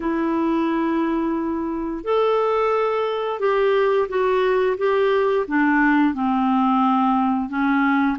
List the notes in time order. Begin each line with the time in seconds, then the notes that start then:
0.00 E4
2.03 A4
3.39 G4
4.08 F#4
4.77 G4
5.47 D4
6.14 C4
7.49 C#4